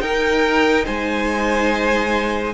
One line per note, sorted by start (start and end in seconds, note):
0.00 2.54 D#4
0.00 0.86 D#4
0.00 0.85 A#4
0.00 0.86 G5
0.85 2.55 G#3
0.85 2.54 C5
0.85 2.55 G#5